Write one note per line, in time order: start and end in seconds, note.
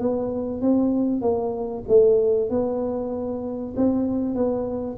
0.00 0.62 B3
0.62 1.22 C4
1.22 1.85 A#3
1.89 2.50 A3
2.50 3.75 B3
3.77 4.36 C4
4.36 4.98 B3